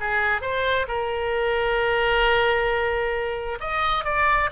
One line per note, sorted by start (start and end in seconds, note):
0.00 0.41 G#4
0.41 0.87 C5
0.88 3.58 A#4
3.60 4.05 D#5
4.05 4.50 D5